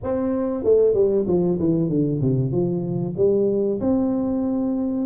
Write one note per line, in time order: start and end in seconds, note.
0.03 0.63 C4
0.63 0.94 A3
0.94 1.25 G3
1.27 1.58 F3
1.59 1.89 E3
1.89 2.20 D3
2.21 2.51 C3
2.51 3.14 F3
3.16 3.80 G3
3.80 5.06 C4